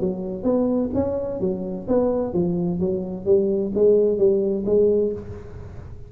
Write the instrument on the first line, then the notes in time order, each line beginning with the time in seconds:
tuba
0.00 F#3
0.43 B3
0.94 C#4
1.40 F#3
1.88 B3
2.33 F3
2.79 F#3
3.25 G3
3.74 G#3
4.18 G3
4.66 G#3